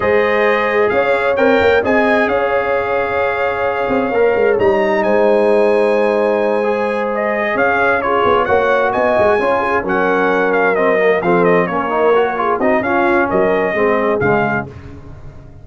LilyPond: <<
  \new Staff \with { instrumentName = "trumpet" } { \time 4/4 \tempo 4 = 131 dis''2 f''4 g''4 | gis''4 f''2.~ | f''2 ais''4 gis''4~ | gis''2.~ gis''8 dis''8~ |
dis''8 f''4 cis''4 fis''4 gis''8~ | gis''4. fis''4. f''8 dis''8~ | dis''8 f''8 dis''8 cis''2 dis''8 | f''4 dis''2 f''4 | }
  \new Staff \with { instrumentName = "horn" } { \time 4/4 c''2 cis''2 | dis''4 cis''2.~ | cis''2. c''4~ | c''1~ |
c''8 cis''4 gis'4 cis''4 dis''8~ | dis''8 cis''8 gis'8 ais'2~ ais'8~ | ais'8 a'4 ais'4. gis'8 fis'8 | f'4 ais'4 gis'2 | }
  \new Staff \with { instrumentName = "trombone" } { \time 4/4 gis'2. ais'4 | gis'1~ | gis'4 ais'4 dis'2~ | dis'2~ dis'8 gis'4.~ |
gis'4. f'4 fis'4.~ | fis'8 f'4 cis'2 c'8 | ais8 c'4 cis'8 dis'8 fis'8 f'8 dis'8 | cis'2 c'4 gis4 | }
  \new Staff \with { instrumentName = "tuba" } { \time 4/4 gis2 cis'4 c'8 ais8 | c'4 cis'2.~ | cis'8 c'8 ais8 gis8 g4 gis4~ | gis1~ |
gis8 cis'4. b8 ais4 b8 | gis8 cis'4 fis2~ fis8~ | fis8 f4 ais2 c'8 | cis'4 fis4 gis4 cis4 | }
>>